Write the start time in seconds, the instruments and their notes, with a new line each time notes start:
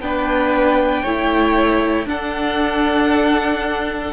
0.00 cello B3, viola D4, violin B4 G5
1.02 cello A3, viola E4, violin C#5
2.06 cello D4, viola D4, violin A4 F#5